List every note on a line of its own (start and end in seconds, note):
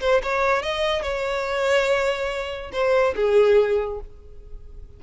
0.00 0.21 C5
0.23 0.62 C#5
0.62 1.02 D#5
1.02 2.71 C#5
2.72 3.14 C5
3.15 4.00 G#4